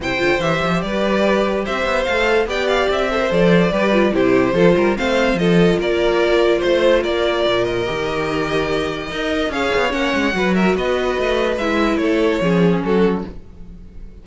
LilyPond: <<
  \new Staff \with { instrumentName = "violin" } { \time 4/4 \tempo 4 = 145 g''4 e''4 d''2 | e''4 f''4 g''8 f''8 e''4 | d''2 c''2 | f''4 dis''4 d''2 |
c''4 d''4. dis''4.~ | dis''2. f''4 | fis''4. e''8 dis''2 | e''4 cis''2 a'4 | }
  \new Staff \with { instrumentName = "violin" } { \time 4/4 c''2 b'2 | c''2 d''4. c''8~ | c''4 b'4 g'4 a'8 ais'8 | c''4 a'4 ais'2 |
c''4 ais'2.~ | ais'2 dis''4 cis''4~ | cis''4 b'8 ais'8 b'2~ | b'4 a'4 gis'4 fis'4 | }
  \new Staff \with { instrumentName = "viola" } { \time 4/4 e'8 f'8 g'2.~ | g'4 a'4 g'4. a'16 ais'16 | a'4 g'8 f'8 e'4 f'4 | c'4 f'2.~ |
f'2. g'4~ | g'2 ais'4 gis'4 | cis'4 fis'2. | e'2 cis'2 | }
  \new Staff \with { instrumentName = "cello" } { \time 4/4 c8 d8 e8 f8 g2 | c'8 b8 a4 b4 c'4 | f4 g4 c4 f8 g8 | a4 f4 ais2 |
a4 ais4 ais,4 dis4~ | dis2 dis'4 cis'8 b8 | ais8 gis8 fis4 b4 a4 | gis4 a4 f4 fis4 | }
>>